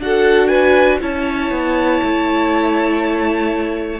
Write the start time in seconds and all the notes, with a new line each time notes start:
0.00 D4 F#4 A4 F#5
0.47 B4 G#5
1.00 C#4 E4 C#5 A5
1.51 B3
2.03 A3